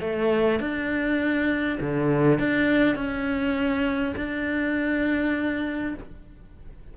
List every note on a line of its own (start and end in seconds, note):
0.00 0.59 A3
0.60 1.78 D4
1.80 2.38 D3
2.38 2.95 D4
2.95 4.14 C#4
4.16 5.94 D4